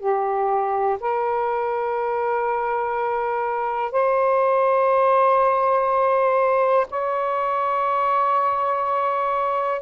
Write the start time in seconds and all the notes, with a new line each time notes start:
0.00 G4
1.01 A#4
3.92 C5
6.90 C#5